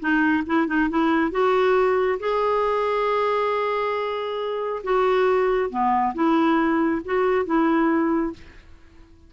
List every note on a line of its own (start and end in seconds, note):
0.00 0.44 D#4
0.47 0.67 E4
0.67 0.89 D#4
0.89 1.31 E4
1.31 2.19 F#4
2.20 4.83 G#4
4.84 5.70 F#4
5.70 6.14 B3
6.14 7.02 E4
7.05 7.46 F#4
7.46 8.33 E4